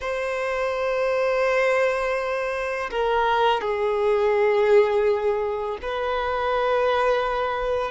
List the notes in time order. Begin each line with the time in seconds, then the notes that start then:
0.00 C5
2.90 A#4
3.61 G#4
5.82 B4